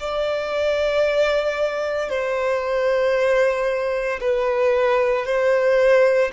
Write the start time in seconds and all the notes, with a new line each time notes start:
0.00 D5
2.10 C5
4.21 B4
5.26 C5